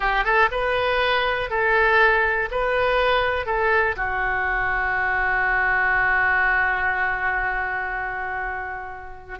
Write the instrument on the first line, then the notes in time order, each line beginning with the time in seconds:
oboe
0.00 G4
0.24 A4
0.51 B4
1.50 A4
2.51 B4
3.46 A4
3.96 F#4